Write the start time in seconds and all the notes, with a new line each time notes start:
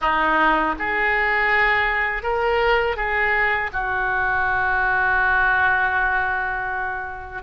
0.01 D#4
0.78 G#4
2.22 A#4
2.96 G#4
3.72 F#4